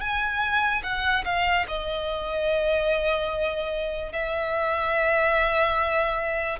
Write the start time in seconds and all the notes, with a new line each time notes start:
0.00 G#5
0.83 F#5
1.24 F5
1.67 D#5
4.12 E5